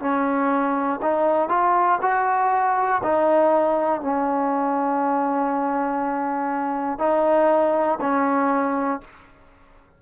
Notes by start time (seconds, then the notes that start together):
0.00 C#4
1.02 D#4
1.49 F4
2.01 F#4
3.03 D#4
4.01 C#4
6.99 D#4
8.01 C#4